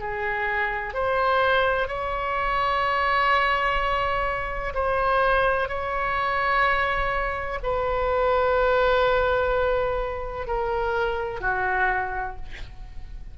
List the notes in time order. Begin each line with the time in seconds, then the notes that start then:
0.00 G#4
0.94 C5
1.88 C#5
4.74 C5
5.69 C#5
7.63 B4
10.47 A#4
11.41 F#4